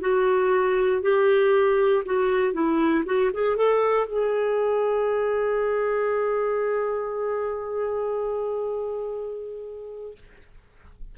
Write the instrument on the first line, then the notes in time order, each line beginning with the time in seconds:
clarinet
0.00 F#4
1.02 G4
2.05 F#4
2.53 E4
3.05 F#4
3.33 G#4
3.56 A4
4.06 G#4